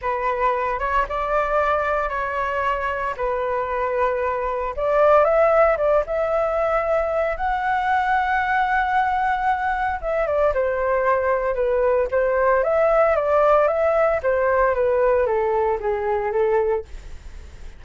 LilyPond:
\new Staff \with { instrumentName = "flute" } { \time 4/4 \tempo 4 = 114 b'4. cis''8 d''2 | cis''2 b'2~ | b'4 d''4 e''4 d''8 e''8~ | e''2 fis''2~ |
fis''2. e''8 d''8 | c''2 b'4 c''4 | e''4 d''4 e''4 c''4 | b'4 a'4 gis'4 a'4 | }